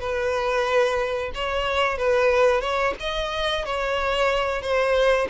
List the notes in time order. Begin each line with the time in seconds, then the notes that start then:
0.00 B4
1.35 C#5
1.98 B4
2.61 C#5
3.00 D#5
3.65 C#5
4.62 C5